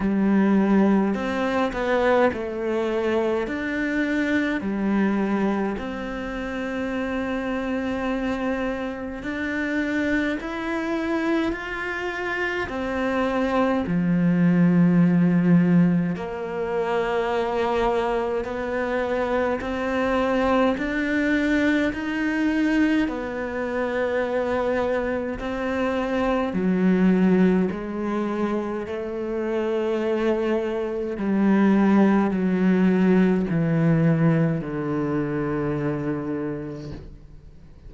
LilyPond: \new Staff \with { instrumentName = "cello" } { \time 4/4 \tempo 4 = 52 g4 c'8 b8 a4 d'4 | g4 c'2. | d'4 e'4 f'4 c'4 | f2 ais2 |
b4 c'4 d'4 dis'4 | b2 c'4 fis4 | gis4 a2 g4 | fis4 e4 d2 | }